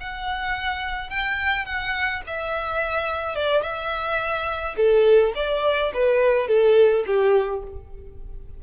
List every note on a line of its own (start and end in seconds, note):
0.00 1.10 F#5
1.10 1.65 G5
1.65 2.22 F#5
2.26 3.35 E5
3.35 3.63 D5
3.63 4.76 E5
4.76 5.33 A4
5.35 5.92 D5
5.94 6.48 B4
6.48 7.04 A4
7.07 7.63 G4